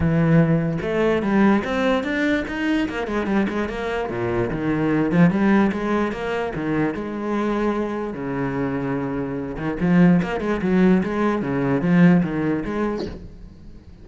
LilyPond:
\new Staff \with { instrumentName = "cello" } { \time 4/4 \tempo 4 = 147 e2 a4 g4 | c'4 d'4 dis'4 ais8 gis8 | g8 gis8 ais4 ais,4 dis4~ | dis8 f8 g4 gis4 ais4 |
dis4 gis2. | cis2.~ cis8 dis8 | f4 ais8 gis8 fis4 gis4 | cis4 f4 dis4 gis4 | }